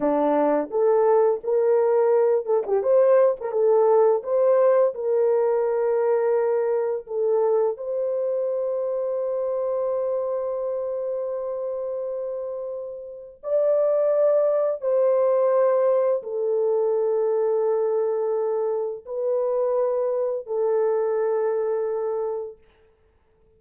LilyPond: \new Staff \with { instrumentName = "horn" } { \time 4/4 \tempo 4 = 85 d'4 a'4 ais'4. a'16 g'16 | c''8. ais'16 a'4 c''4 ais'4~ | ais'2 a'4 c''4~ | c''1~ |
c''2. d''4~ | d''4 c''2 a'4~ | a'2. b'4~ | b'4 a'2. | }